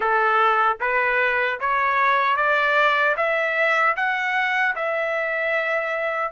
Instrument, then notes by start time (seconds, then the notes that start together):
trumpet
0.00 A4
0.80 B4
1.60 C#5
2.36 D5
3.16 E5
3.96 F#5
4.75 E5